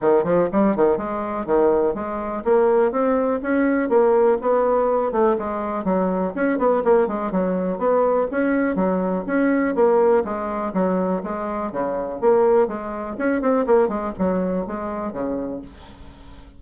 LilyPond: \new Staff \with { instrumentName = "bassoon" } { \time 4/4 \tempo 4 = 123 dis8 f8 g8 dis8 gis4 dis4 | gis4 ais4 c'4 cis'4 | ais4 b4. a8 gis4 | fis4 cis'8 b8 ais8 gis8 fis4 |
b4 cis'4 fis4 cis'4 | ais4 gis4 fis4 gis4 | cis4 ais4 gis4 cis'8 c'8 | ais8 gis8 fis4 gis4 cis4 | }